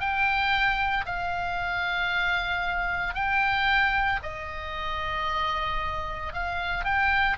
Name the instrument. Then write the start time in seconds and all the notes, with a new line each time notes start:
oboe
0.00 G5
1.06 F5
3.15 G5
4.23 D#5
6.33 F5
6.85 G5